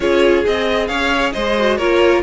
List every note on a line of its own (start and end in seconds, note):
0.00 0.45 C#4
0.00 0.44 F4
0.00 0.88 G#4
0.00 0.45 C#5
0.44 0.89 C4
0.44 1.56 G#4
0.44 0.87 D#5
0.87 1.34 C#4
0.87 1.33 C#5
0.87 1.32 F5
1.32 1.78 G#3
1.32 1.77 C5
1.32 1.77 D#5
1.57 1.80 F#4
1.77 2.23 A#3
1.77 2.23 F4
1.77 2.22 A#4
1.77 2.22 C#5